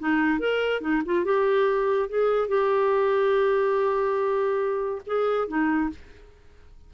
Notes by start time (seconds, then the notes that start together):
0.00 D#4
0.40 A#4
0.82 D#4
1.06 F4
1.25 G4
2.10 G#4
2.49 G4
5.07 G#4
5.48 D#4